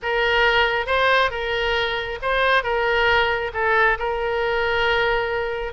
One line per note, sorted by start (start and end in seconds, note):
0.02 0.86 A#4
0.86 1.30 C5
1.30 2.19 A#4
2.22 2.63 C5
2.63 3.51 A#4
3.53 3.97 A4
3.98 5.73 A#4